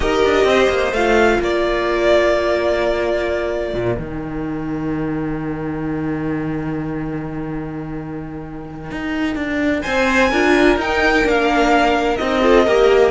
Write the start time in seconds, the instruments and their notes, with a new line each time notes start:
0.00 cello D#4, viola G4, violin A#4 D#5
0.24 cello D4
0.44 cello C4, violin C5
0.69 cello A#3
0.92 cello A3, viola F4, violin F5
1.39 cello A#3, violin A#4 D5
3.73 cello A#2
3.97 cello D#3, viola D#4, violin G5
8.91 cello D#4
9.35 cello D4
9.82 cello C4, violin C5 G#5
10.30 cello D4, viola F4, violin A#4
10.76 cello D#4, viola D#4, violin G5
11.24 cello A#3, viola D4, violin F5
12.16 cello C4, viola D#4, violin D#5
12.42 viola F4, violin A4
12.65 cello A#3, viola G4, violin A#4